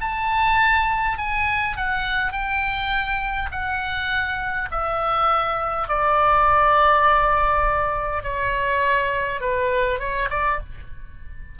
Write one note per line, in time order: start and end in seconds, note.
0.00 1.18 A5
1.18 1.76 G#5
1.76 2.32 F#5
2.32 3.49 G5
3.51 4.69 F#5
4.71 5.88 E5
5.88 8.22 D5
8.22 9.40 C#5
9.40 9.99 B4
9.99 10.28 C#5
10.29 10.59 D5